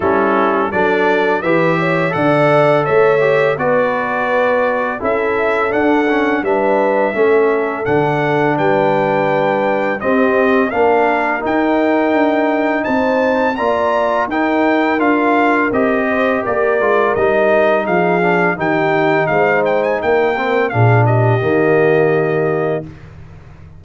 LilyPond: <<
  \new Staff \with { instrumentName = "trumpet" } { \time 4/4 \tempo 4 = 84 a'4 d''4 e''4 fis''4 | e''4 d''2 e''4 | fis''4 e''2 fis''4 | g''2 dis''4 f''4 |
g''2 a''4 ais''4 | g''4 f''4 dis''4 d''4 | dis''4 f''4 g''4 f''8 g''16 gis''16 | g''4 f''8 dis''2~ dis''8 | }
  \new Staff \with { instrumentName = "horn" } { \time 4/4 e'4 a'4 b'8 cis''8 d''4 | cis''4 b'2 a'4~ | a'4 b'4 a'2 | b'2 g'4 ais'4~ |
ais'2 c''4 d''4 | ais'2~ ais'8 c''8 ais'4~ | ais'4 gis'4 g'4 c''4 | ais'4 gis'8 g'2~ g'8 | }
  \new Staff \with { instrumentName = "trombone" } { \time 4/4 cis'4 d'4 g'4 a'4~ | a'8 g'8 fis'2 e'4 | d'8 cis'8 d'4 cis'4 d'4~ | d'2 c'4 d'4 |
dis'2. f'4 | dis'4 f'4 g'4. f'8 | dis'4. d'8 dis'2~ | dis'8 c'8 d'4 ais2 | }
  \new Staff \with { instrumentName = "tuba" } { \time 4/4 g4 fis4 e4 d4 | a4 b2 cis'4 | d'4 g4 a4 d4 | g2 c'4 ais4 |
dis'4 d'4 c'4 ais4 | dis'4 d'4 c'4 ais8 gis8 | g4 f4 dis4 gis4 | ais4 ais,4 dis2 | }
>>